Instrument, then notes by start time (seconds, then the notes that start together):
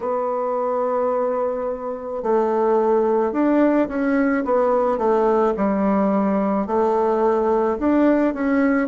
bassoon
0.00 B3
2.22 A3
3.32 D4
3.88 C#4
4.44 B3
4.97 A3
5.56 G3
6.67 A3
7.78 D4
8.33 C#4